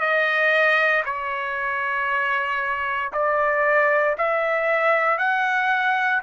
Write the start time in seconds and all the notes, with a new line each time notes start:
0.00 D#5
1.05 C#5
3.13 D5
4.18 E5
5.19 F#5